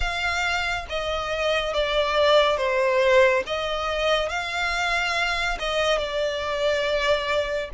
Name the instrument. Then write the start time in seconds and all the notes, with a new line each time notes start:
violin
0.00 F5
0.89 D#5
1.73 D5
2.57 C5
3.46 D#5
4.29 F5
5.59 D#5
5.98 D5